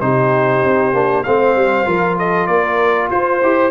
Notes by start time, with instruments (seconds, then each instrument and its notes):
0.00 tuba C3, trombone D#4, horn G4, trumpet C5
0.64 tuba C4
0.93 tuba A#3, trombone D4
1.23 tuba A3, trombone C4, horn C5, trumpet F5
1.56 tuba G3
1.85 tuba F3, trombone F4, horn A#4
2.18 horn A4, trumpet D#5
2.47 tuba A#3, horn A#4, trumpet D5
3.11 tuba F4, trumpet C5, horn C5
3.42 tuba E4, trombone G4